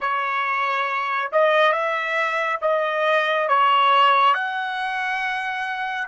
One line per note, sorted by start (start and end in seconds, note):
0.00 1.31 C#5
1.32 1.72 D#5
1.72 2.59 E5
2.61 3.48 D#5
3.48 4.34 C#5
4.34 6.08 F#5